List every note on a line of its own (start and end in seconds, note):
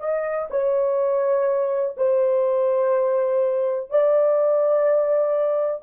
0.00 0.48 D#5
0.51 1.96 C#5
1.97 3.90 C5
3.90 5.83 D5